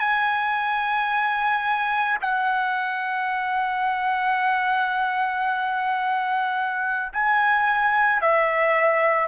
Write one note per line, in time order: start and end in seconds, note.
0.00 2.18 G#5
2.22 7.13 F#5
7.13 8.22 G#5
8.22 9.28 E5